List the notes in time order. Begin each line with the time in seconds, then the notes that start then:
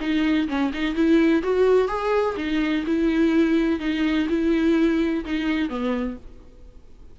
0.00 D#4
0.48 C#4
0.73 D#4
0.95 E4
1.42 F#4
1.88 G#4
2.36 D#4
2.86 E4
3.79 D#4
4.29 E4
5.25 D#4
5.69 B3